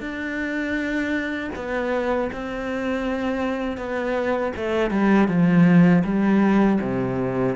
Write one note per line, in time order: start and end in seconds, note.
0.00 1.50 D4
1.55 2.30 B3
2.32 3.77 C4
3.77 4.52 B3
4.56 4.90 A3
4.90 5.27 G3
5.28 6.03 F3
6.04 6.79 G3
6.81 7.55 C3